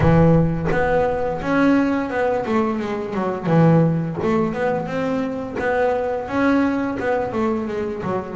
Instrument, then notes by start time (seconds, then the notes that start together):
double bass
0.00 E3
0.71 B3
1.41 C#4
2.10 B3
2.45 A3
2.79 G#3
3.14 F#3
3.46 E3
4.22 A3
4.53 B3
4.86 C4
5.58 B3
6.28 C#4
6.99 B3
7.32 A3
7.67 G#3
8.02 F#3